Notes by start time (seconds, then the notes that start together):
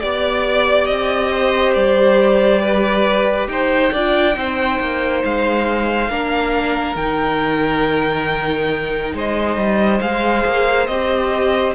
0.00 B3 G4 D5
0.86 C4 D#5
1.32 C5
1.74 G3 D5
2.62 B4
3.48 D#4 C5 G5
3.93 D4 F4 D5
4.34 C4 D#4 C5
4.80 A#3
5.25 G#3 F5
6.09 A#3 D4 A#4
6.96 D#3 D#4 G5
9.14 G#3 C5 D#5
9.57 G3
10.01 G#3 G#4 F5
10.46 A#3
10.87 C4 G4 D#5